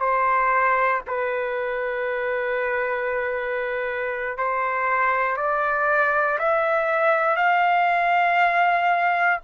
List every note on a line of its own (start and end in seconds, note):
0.00 1.02 C5
1.07 4.37 B4
4.37 5.37 C5
5.37 6.38 D5
6.38 7.36 E5
7.36 9.39 F5